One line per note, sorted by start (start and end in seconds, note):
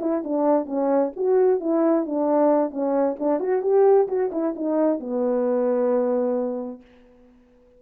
0.00 0.23 E4
0.24 0.66 D4
0.66 1.11 C#4
1.16 1.60 F#4
1.60 2.06 E4
2.06 2.70 D4
2.70 3.16 C#4
3.19 3.40 D4
3.40 3.62 F#4
3.62 4.07 G4
4.08 4.30 F#4
4.32 4.55 E4
4.56 5.00 D#4
5.00 6.81 B3